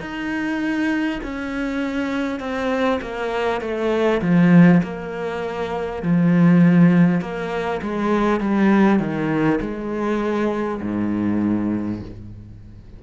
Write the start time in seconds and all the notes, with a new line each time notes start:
0.00 D#4
1.23 C#4
2.39 C4
3.01 A#3
3.61 A3
4.21 F3
4.83 A#3
6.02 F3
7.21 A#3
7.82 G#3
8.40 G3
8.99 D#3
9.61 G#3
10.81 G#2